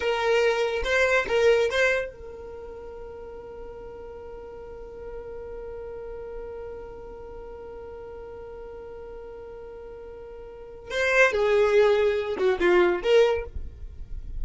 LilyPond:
\new Staff \with { instrumentName = "violin" } { \time 4/4 \tempo 4 = 143 ais'2 c''4 ais'4 | c''4 ais'2.~ | ais'1~ | ais'1~ |
ais'1~ | ais'1~ | ais'2 c''4 gis'4~ | gis'4. fis'8 f'4 ais'4 | }